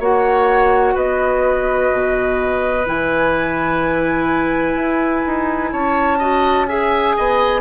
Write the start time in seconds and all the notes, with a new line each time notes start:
0.00 A#3 F#4 C#5 F#5
0.94 B3 B4 D#5
1.92 B2
2.86 E3 E4 G#5
4.75 E4
5.27 D#4
5.72 C#4 C#5 A5
6.19 F#4 D#5
6.67 G#4 E5 G#5
7.17 B3 D#5